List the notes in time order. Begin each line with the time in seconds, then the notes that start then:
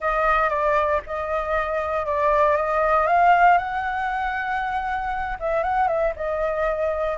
0.00 D#5
0.49 D5
1.06 D#5
2.05 D5
2.56 D#5
3.07 F5
3.58 F#5
5.39 E5
5.63 F#5
5.87 E5
6.15 D#5